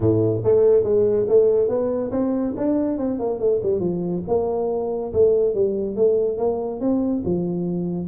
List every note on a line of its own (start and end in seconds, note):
0.00 0.43 A2
0.44 0.83 A3
0.83 1.26 G#3
1.28 1.68 A3
1.68 2.11 B3
2.11 2.54 C4
2.56 2.97 D4
2.97 3.19 C4
3.19 3.39 A#3
3.39 3.60 A3
3.62 3.80 G3
3.80 4.22 F3
4.27 5.12 A#3
5.13 5.54 A3
5.54 5.96 G3
5.96 6.37 A3
6.37 6.80 A#3
6.80 7.22 C4
7.25 8.08 F3